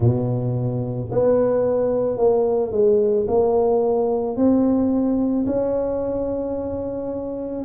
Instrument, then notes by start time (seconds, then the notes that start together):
tuba
0.00 B2
1.11 B3
2.17 A#3
2.71 G#3
3.27 A#3
4.36 C4
5.46 C#4